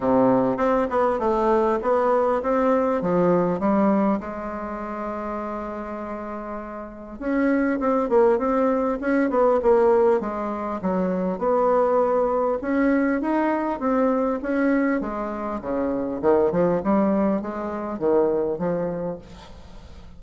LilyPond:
\new Staff \with { instrumentName = "bassoon" } { \time 4/4 \tempo 4 = 100 c4 c'8 b8 a4 b4 | c'4 f4 g4 gis4~ | gis1 | cis'4 c'8 ais8 c'4 cis'8 b8 |
ais4 gis4 fis4 b4~ | b4 cis'4 dis'4 c'4 | cis'4 gis4 cis4 dis8 f8 | g4 gis4 dis4 f4 | }